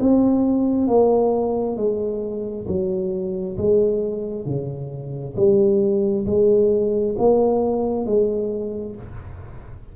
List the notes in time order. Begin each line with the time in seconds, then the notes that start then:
0.00 C4
0.87 A#3
1.76 G#3
2.67 F#3
3.57 G#3
4.45 C#3
5.36 G3
6.26 G#3
7.18 A#3
8.06 G#3